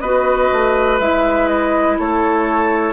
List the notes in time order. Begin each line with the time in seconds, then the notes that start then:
0.00 B3 F#4 B4 D#5
0.52 A3
0.99 G#3 E4 E5
1.48 D#5
1.99 A3 A4 C#5